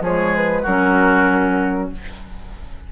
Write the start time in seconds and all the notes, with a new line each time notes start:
0.00 F3 G#3 G#4 C#5
0.35 B4
0.61 F#3 C#4 F#4 A#4